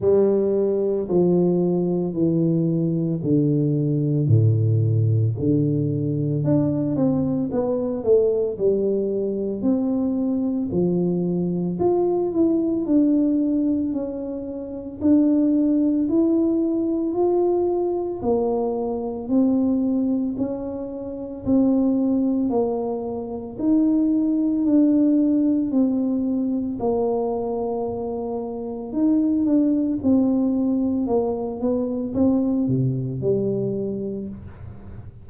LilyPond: \new Staff \with { instrumentName = "tuba" } { \time 4/4 \tempo 4 = 56 g4 f4 e4 d4 | a,4 d4 d'8 c'8 b8 a8 | g4 c'4 f4 f'8 e'8 | d'4 cis'4 d'4 e'4 |
f'4 ais4 c'4 cis'4 | c'4 ais4 dis'4 d'4 | c'4 ais2 dis'8 d'8 | c'4 ais8 b8 c'8 c8 g4 | }